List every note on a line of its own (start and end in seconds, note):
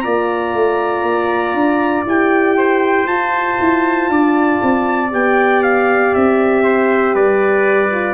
0.00 0.53 A#3
0.00 2.06 F4
0.00 2.57 D5
0.00 2.03 A#5
0.53 1.02 A3
1.02 1.53 A#3
1.53 2.04 D4
2.04 3.06 E4
2.04 3.08 G4
2.04 3.06 G5
2.57 4.10 C5
3.06 3.57 F4
3.06 5.10 F4
3.06 5.10 A5
3.60 4.08 E4
4.08 4.59 D4
4.08 6.63 D5
4.62 5.12 C4
5.10 6.14 B3
5.10 7.90 G4
5.10 5.63 G5
5.63 6.14 F5
6.14 7.14 C4
6.14 7.15 E5
6.63 7.14 C5
7.14 8.14 G3
7.14 8.14 B4
7.14 8.14 D5
7.91 8.14 F4